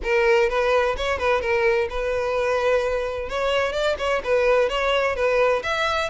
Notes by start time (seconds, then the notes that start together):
0.03 A#4
0.49 B4
0.96 C#5
1.18 B4
1.41 A#4
1.89 B4
3.29 C#5
3.72 D5
3.98 C#5
4.24 B4
4.69 C#5
5.15 B4
5.63 E5